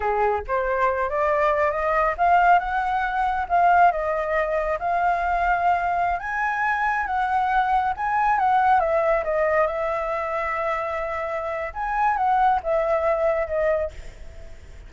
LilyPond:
\new Staff \with { instrumentName = "flute" } { \time 4/4 \tempo 4 = 138 gis'4 c''4. d''4. | dis''4 f''4 fis''2 | f''4 dis''2 f''4~ | f''2~ f''16 gis''4.~ gis''16~ |
gis''16 fis''2 gis''4 fis''8.~ | fis''16 e''4 dis''4 e''4.~ e''16~ | e''2. gis''4 | fis''4 e''2 dis''4 | }